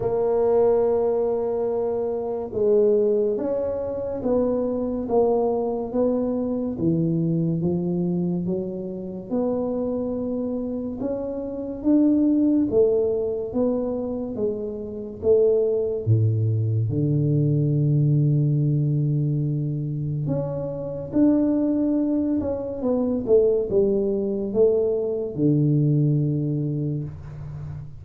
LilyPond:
\new Staff \with { instrumentName = "tuba" } { \time 4/4 \tempo 4 = 71 ais2. gis4 | cis'4 b4 ais4 b4 | e4 f4 fis4 b4~ | b4 cis'4 d'4 a4 |
b4 gis4 a4 a,4 | d1 | cis'4 d'4. cis'8 b8 a8 | g4 a4 d2 | }